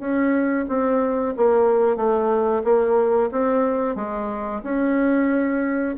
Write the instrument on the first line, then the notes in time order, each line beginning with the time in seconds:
bassoon
0.00 C#4
0.69 C4
1.37 A#3
1.97 A3
2.64 A#3
3.32 C4
3.96 G#3
4.64 C#4